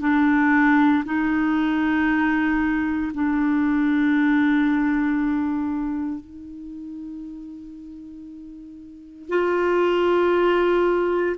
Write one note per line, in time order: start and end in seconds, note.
0.00 1.03 D4
1.05 3.12 D#4
3.14 6.20 D4
6.20 9.29 D#4
9.29 11.36 F4